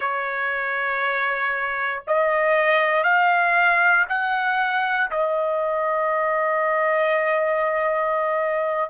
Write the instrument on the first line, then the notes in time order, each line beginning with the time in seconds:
trumpet
0.00 C#5
2.07 D#5
3.03 F5
4.08 F#5
5.10 D#5